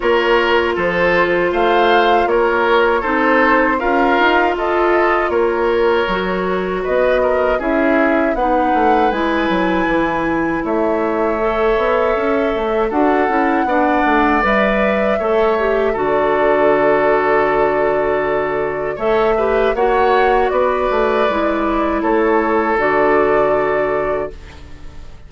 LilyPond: <<
  \new Staff \with { instrumentName = "flute" } { \time 4/4 \tempo 4 = 79 cis''4 c''4 f''4 cis''4 | c''4 f''4 dis''4 cis''4~ | cis''4 dis''4 e''4 fis''4 | gis''2 e''2~ |
e''4 fis''2 e''4~ | e''4 d''2.~ | d''4 e''4 fis''4 d''4~ | d''4 cis''4 d''2 | }
  \new Staff \with { instrumentName = "oboe" } { \time 4/4 ais'4 a'4 c''4 ais'4 | a'4 ais'4 a'4 ais'4~ | ais'4 b'8 ais'8 gis'4 b'4~ | b'2 cis''2~ |
cis''4 a'4 d''2 | cis''4 a'2.~ | a'4 cis''8 b'8 cis''4 b'4~ | b'4 a'2. | }
  \new Staff \with { instrumentName = "clarinet" } { \time 4/4 f'1 | dis'4 f'2. | fis'2 e'4 dis'4 | e'2. a'4~ |
a'4 fis'8 e'8 d'4 b'4 | a'8 g'8 fis'2.~ | fis'4 a'8 g'8 fis'2 | e'2 fis'2 | }
  \new Staff \with { instrumentName = "bassoon" } { \time 4/4 ais4 f4 a4 ais4 | c'4 cis'8 dis'8 f'4 ais4 | fis4 b4 cis'4 b8 a8 | gis8 fis8 e4 a4. b8 |
cis'8 a8 d'8 cis'8 b8 a8 g4 | a4 d2.~ | d4 a4 ais4 b8 a8 | gis4 a4 d2 | }
>>